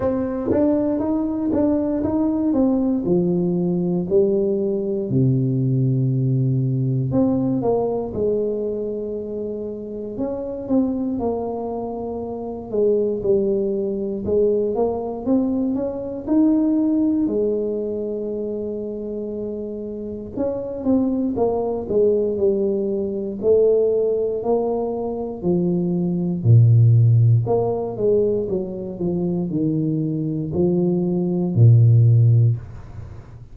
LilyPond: \new Staff \with { instrumentName = "tuba" } { \time 4/4 \tempo 4 = 59 c'8 d'8 dis'8 d'8 dis'8 c'8 f4 | g4 c2 c'8 ais8 | gis2 cis'8 c'8 ais4~ | ais8 gis8 g4 gis8 ais8 c'8 cis'8 |
dis'4 gis2. | cis'8 c'8 ais8 gis8 g4 a4 | ais4 f4 ais,4 ais8 gis8 | fis8 f8 dis4 f4 ais,4 | }